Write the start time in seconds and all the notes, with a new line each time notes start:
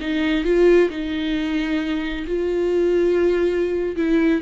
0.00 D#4
0.44 F4
0.90 D#4
2.26 F4
3.96 E4